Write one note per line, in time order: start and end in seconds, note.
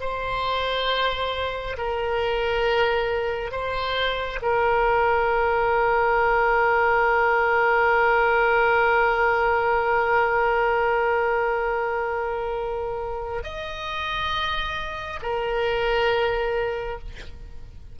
0.00 1.76 C5
1.77 3.51 A#4
3.51 4.39 C5
4.41 13.43 A#4
13.43 15.20 D#5
15.22 16.99 A#4